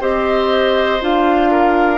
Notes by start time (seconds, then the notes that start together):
0.00 C4 G4 C5 D#5
1.01 D4 F4 F5
1.51 A#4